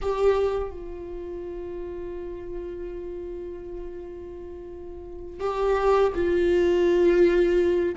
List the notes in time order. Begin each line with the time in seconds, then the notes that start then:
0.01 G4
0.70 F4
5.40 G4
6.14 F4